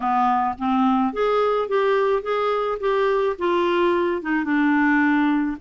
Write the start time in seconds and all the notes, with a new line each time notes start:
0.00 B3
0.58 C4
1.13 G#4
1.68 G4
2.22 G#4
2.80 G4
3.38 F4
4.22 D#4
4.44 D4